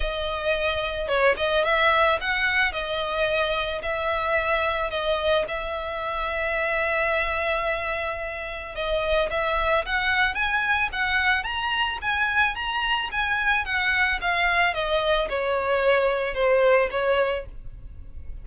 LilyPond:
\new Staff \with { instrumentName = "violin" } { \time 4/4 \tempo 4 = 110 dis''2 cis''8 dis''8 e''4 | fis''4 dis''2 e''4~ | e''4 dis''4 e''2~ | e''1 |
dis''4 e''4 fis''4 gis''4 | fis''4 ais''4 gis''4 ais''4 | gis''4 fis''4 f''4 dis''4 | cis''2 c''4 cis''4 | }